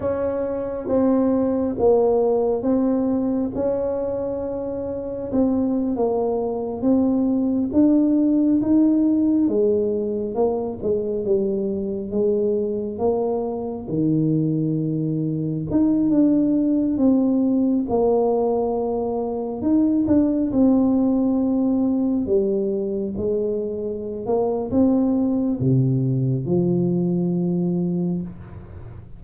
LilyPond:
\new Staff \with { instrumentName = "tuba" } { \time 4/4 \tempo 4 = 68 cis'4 c'4 ais4 c'4 | cis'2 c'8. ais4 c'16~ | c'8. d'4 dis'4 gis4 ais16~ | ais16 gis8 g4 gis4 ais4 dis16~ |
dis4.~ dis16 dis'8 d'4 c'8.~ | c'16 ais2 dis'8 d'8 c'8.~ | c'4~ c'16 g4 gis4~ gis16 ais8 | c'4 c4 f2 | }